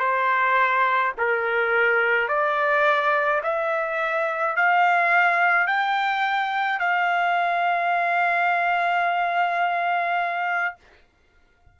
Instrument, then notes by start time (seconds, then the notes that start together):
trumpet
0.00 C5
1.18 A#4
2.29 D5
3.43 E5
4.56 F5
5.68 G5
6.80 F5